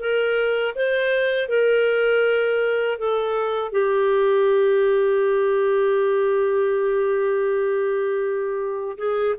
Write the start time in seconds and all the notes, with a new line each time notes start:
0.00 A#4
0.75 C5
1.49 A#4
2.99 A4
3.72 G4
8.98 G#4